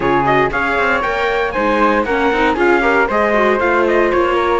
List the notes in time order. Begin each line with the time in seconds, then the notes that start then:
0.00 C#3 F4 G#4 C#5
0.24 F#4 D#5
0.51 C#4 G#4 C#5 F5
0.78 C4
1.01 A#3 A#4 G5
1.51 G#3 D#4 C5 G#5
2.04 A#3 C#4 A#4 F#5
2.32 C4 D#4
2.54 C#4 F4 G#4 F5
2.80 G4 A#4
3.07 G#3 G#4 C5 D#5
3.33 F#4
3.59 A3 F4 F5
3.87 D#5
4.11 A#3 C#5
4.34 A#4